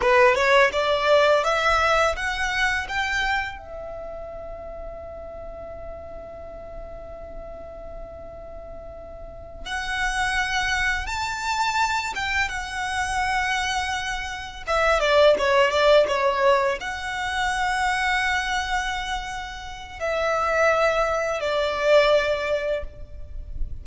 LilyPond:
\new Staff \with { instrumentName = "violin" } { \time 4/4 \tempo 4 = 84 b'8 cis''8 d''4 e''4 fis''4 | g''4 e''2.~ | e''1~ | e''4. fis''2 a''8~ |
a''4 g''8 fis''2~ fis''8~ | fis''8 e''8 d''8 cis''8 d''8 cis''4 fis''8~ | fis''1 | e''2 d''2 | }